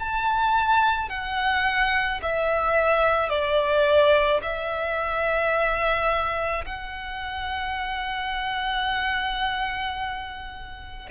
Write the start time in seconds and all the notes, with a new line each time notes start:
0.00 A5
1.10 F#5
2.23 E5
3.29 D5
4.42 E5
6.66 F#5